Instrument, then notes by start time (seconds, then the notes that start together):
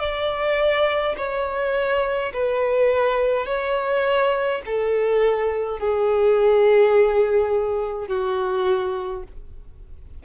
violin
0.00 D5
1.17 C#5
2.34 B4
3.47 C#5
4.66 A4
5.80 G#4
8.08 F#4